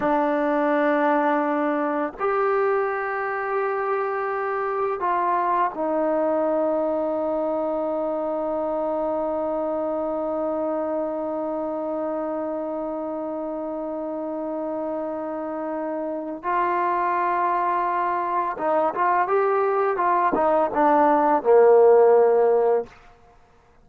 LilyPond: \new Staff \with { instrumentName = "trombone" } { \time 4/4 \tempo 4 = 84 d'2. g'4~ | g'2. f'4 | dis'1~ | dis'1~ |
dis'1~ | dis'2. f'4~ | f'2 dis'8 f'8 g'4 | f'8 dis'8 d'4 ais2 | }